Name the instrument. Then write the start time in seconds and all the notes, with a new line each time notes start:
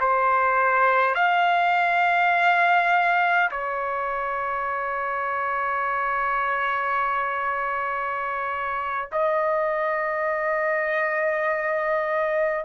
trumpet
0.00 C5
1.15 F5
3.51 C#5
9.12 D#5